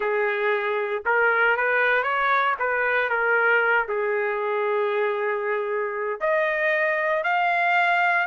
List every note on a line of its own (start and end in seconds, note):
0.00 1.03 G#4
1.05 1.56 A#4
1.56 2.03 B4
2.03 2.55 C#5
2.59 3.09 B4
3.09 3.87 A#4
3.88 6.20 G#4
6.20 7.23 D#5
7.23 8.26 F5